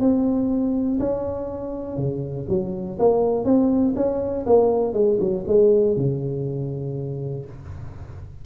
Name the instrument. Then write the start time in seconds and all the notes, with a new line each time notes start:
tuba
0.00 C4
0.99 C#4
1.97 C#3
2.49 F#3
2.99 A#3
3.45 C4
3.96 C#4
4.46 A#3
4.94 G#3
5.20 F#3
5.47 G#3
5.97 C#3